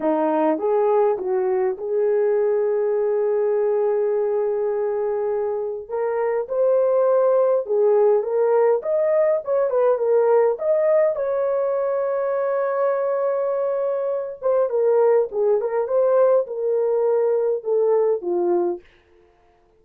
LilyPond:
\new Staff \with { instrumentName = "horn" } { \time 4/4 \tempo 4 = 102 dis'4 gis'4 fis'4 gis'4~ | gis'1~ | gis'2 ais'4 c''4~ | c''4 gis'4 ais'4 dis''4 |
cis''8 b'8 ais'4 dis''4 cis''4~ | cis''1~ | cis''8 c''8 ais'4 gis'8 ais'8 c''4 | ais'2 a'4 f'4 | }